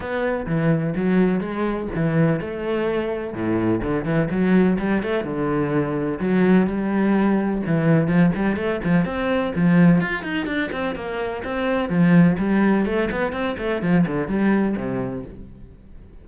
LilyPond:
\new Staff \with { instrumentName = "cello" } { \time 4/4 \tempo 4 = 126 b4 e4 fis4 gis4 | e4 a2 a,4 | d8 e8 fis4 g8 a8 d4~ | d4 fis4 g2 |
e4 f8 g8 a8 f8 c'4 | f4 f'8 dis'8 d'8 c'8 ais4 | c'4 f4 g4 a8 b8 | c'8 a8 f8 d8 g4 c4 | }